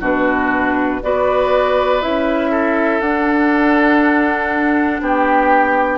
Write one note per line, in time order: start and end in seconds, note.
0.00 1.00 B2
0.00 1.01 D4
0.00 1.00 F#4
0.00 1.03 B4
1.02 2.03 B3
1.02 2.01 F#4
1.02 2.51 B4
1.02 2.01 D5
2.01 3.01 C#4
2.01 3.01 E4
2.01 3.00 E5
2.51 5.01 A4
3.00 5.00 D4
3.00 5.98 D4
3.00 5.00 F#5
5.00 5.98 B3
5.00 5.98 G4
5.00 5.98 G5